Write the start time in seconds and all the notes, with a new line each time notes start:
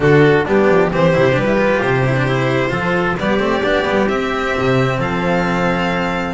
0.00 D3 D4 F#4 A4
0.44 G3 B3 D4 G4
0.68 F3
0.91 E3 C4 G4 C5
1.13 C3 E4
1.32 G3 D4
1.38 B4
1.45 E4
1.57 F4
1.81 C3 C5
2.06 E4
2.15 D4
2.27 E4
2.69 F3 F4 A4
3.18 G3 B3 G4 D5
3.39 A3 C4
3.63 B3 D4
3.84 G3 B3
4.08 C4 E5
4.58 C3
4.98 F3 A4 F5